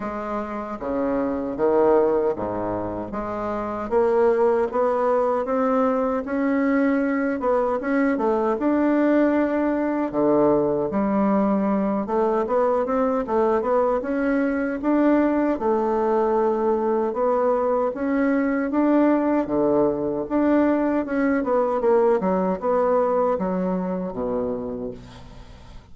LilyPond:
\new Staff \with { instrumentName = "bassoon" } { \time 4/4 \tempo 4 = 77 gis4 cis4 dis4 gis,4 | gis4 ais4 b4 c'4 | cis'4. b8 cis'8 a8 d'4~ | d'4 d4 g4. a8 |
b8 c'8 a8 b8 cis'4 d'4 | a2 b4 cis'4 | d'4 d4 d'4 cis'8 b8 | ais8 fis8 b4 fis4 b,4 | }